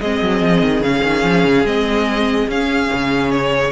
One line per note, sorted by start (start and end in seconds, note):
0.00 0.21 G#3
0.00 0.83 C4
0.00 3.72 G#4
0.00 0.83 D#5
0.21 0.42 F#3
0.42 0.62 F3
0.62 0.80 D#3
0.80 1.01 C#3
0.80 1.66 C#4
0.80 1.66 F5
1.03 1.23 D#3
1.23 1.44 F3
1.44 1.64 C#3
1.64 2.47 G#3
1.64 2.49 C4
1.64 2.49 D#5
2.47 2.89 C#4
2.47 3.72 C#4
2.47 3.31 F5
2.93 3.72 C#3
3.31 3.72 C#5